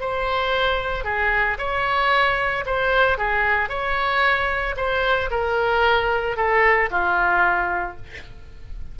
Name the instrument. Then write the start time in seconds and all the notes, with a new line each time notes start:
oboe
0.00 C5
1.04 G#4
1.58 C#5
2.65 C5
3.18 G#4
3.69 C#5
4.76 C5
5.30 A#4
6.36 A4
6.90 F4